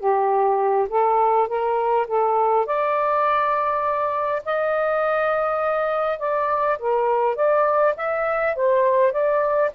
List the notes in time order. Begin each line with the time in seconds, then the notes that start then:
0.00 G4
0.90 A4
1.48 A#4
2.07 A4
2.66 D5
4.45 D#5
6.20 D5
6.79 A#4
7.36 D5
7.97 E5
8.56 C5
9.12 D5